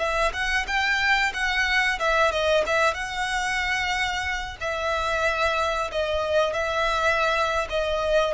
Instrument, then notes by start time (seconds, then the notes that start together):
violin
0.00 E5
0.34 F#5
0.68 G5
1.34 F#5
2.00 E5
2.32 D#5
2.67 E5
2.94 F#5
4.61 E5
5.92 D#5
6.54 E5
7.70 D#5